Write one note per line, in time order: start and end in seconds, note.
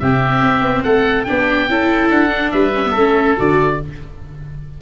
0.00 0.41 C3
0.00 1.26 C4
0.00 0.84 G4
0.00 0.83 E5
0.41 0.62 C4
0.62 0.83 B3
0.83 1.26 A3
0.83 1.26 A4
0.83 1.24 F#5
1.24 1.69 B3
1.24 1.68 D4
1.24 1.70 G4
1.24 2.08 G5
1.69 2.10 C#4
1.69 2.29 E4
1.69 2.53 A4
2.10 2.52 D4
2.10 2.51 F#5
2.29 2.71 D4
2.51 2.95 G3
2.51 2.91 B4
2.51 3.35 E5
2.75 2.85 C#4
2.85 2.96 B3
2.85 3.75 A4
2.95 3.37 A3
2.95 3.37 C#4
3.37 3.81 D3
3.37 3.79 F#4
3.37 3.81 D5